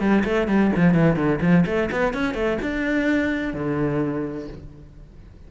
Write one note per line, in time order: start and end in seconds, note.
0.00 0.24 G3
0.25 0.48 A3
0.48 0.71 G3
0.76 0.94 F3
0.94 1.16 E3
1.16 1.40 D3
1.41 1.65 F3
1.66 1.90 A3
1.92 2.14 B3
2.14 2.35 C#4
2.35 2.58 A3
2.62 3.54 D4
3.54 4.48 D3